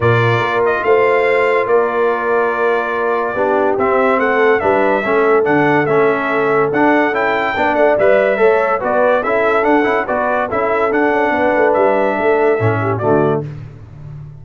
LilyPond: <<
  \new Staff \with { instrumentName = "trumpet" } { \time 4/4 \tempo 4 = 143 d''4. dis''8 f''2 | d''1~ | d''4 e''4 fis''4 e''4~ | e''4 fis''4 e''2 |
fis''4 g''4. fis''8 e''4~ | e''4 d''4 e''4 fis''4 | d''4 e''4 fis''2 | e''2. d''4 | }
  \new Staff \with { instrumentName = "horn" } { \time 4/4 ais'2 c''2 | ais'1 | g'2 a'4 b'4 | a'1~ |
a'2 d''2 | cis''4 b'4 a'2 | b'4 a'2 b'4~ | b'4 a'4. g'8 fis'4 | }
  \new Staff \with { instrumentName = "trombone" } { \time 4/4 f'1~ | f'1 | d'4 c'2 d'4 | cis'4 d'4 cis'2 |
d'4 e'4 d'4 b'4 | a'4 fis'4 e'4 d'8 e'8 | fis'4 e'4 d'2~ | d'2 cis'4 a4 | }
  \new Staff \with { instrumentName = "tuba" } { \time 4/4 ais,4 ais4 a2 | ais1 | b4 c'4 a4 g4 | a4 d4 a2 |
d'4 cis'4 b8 a8 g4 | a4 b4 cis'4 d'8 cis'8 | b4 cis'4 d'8 cis'8 b8 a8 | g4 a4 a,4 d4 | }
>>